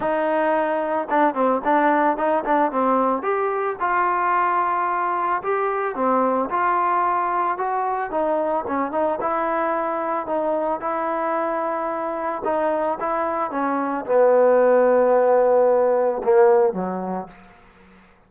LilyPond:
\new Staff \with { instrumentName = "trombone" } { \time 4/4 \tempo 4 = 111 dis'2 d'8 c'8 d'4 | dis'8 d'8 c'4 g'4 f'4~ | f'2 g'4 c'4 | f'2 fis'4 dis'4 |
cis'8 dis'8 e'2 dis'4 | e'2. dis'4 | e'4 cis'4 b2~ | b2 ais4 fis4 | }